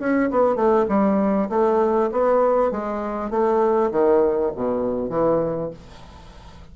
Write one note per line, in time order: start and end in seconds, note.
0.00 0.30 C#4
0.31 0.56 B3
0.56 0.86 A3
0.89 1.49 G3
1.50 2.10 A3
2.12 2.71 B3
2.71 3.31 G#3
3.31 3.91 A3
3.92 4.52 D#3
4.56 5.10 B2
5.10 5.71 E3